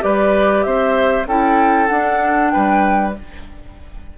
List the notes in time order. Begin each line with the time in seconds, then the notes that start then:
0.00 G3 G4 B4 D5
0.63 C4 C5 E5
1.26 C#4 E4 A4 G5
1.88 D4 F#5
2.50 G3 B4 G5